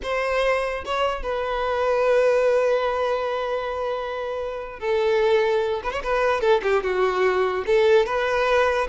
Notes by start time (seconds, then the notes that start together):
0.02 C5
0.85 C#5
1.22 B4
4.79 A4
5.83 B4
5.92 C#5
6.03 B4
6.40 A4
6.62 G4
6.83 F#4
7.66 A4
8.06 B4